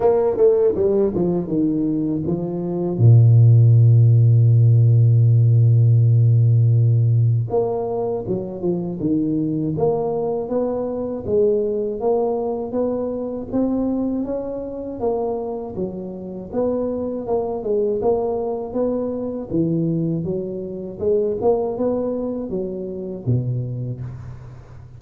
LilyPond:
\new Staff \with { instrumentName = "tuba" } { \time 4/4 \tempo 4 = 80 ais8 a8 g8 f8 dis4 f4 | ais,1~ | ais,2 ais4 fis8 f8 | dis4 ais4 b4 gis4 |
ais4 b4 c'4 cis'4 | ais4 fis4 b4 ais8 gis8 | ais4 b4 e4 fis4 | gis8 ais8 b4 fis4 b,4 | }